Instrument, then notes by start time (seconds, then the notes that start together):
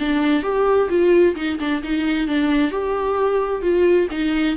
viola
0.00 D4
0.44 G4
0.90 F4
1.36 D#4
1.60 D4
1.84 D#4
2.28 D4
2.71 G4
3.62 F4
4.12 D#4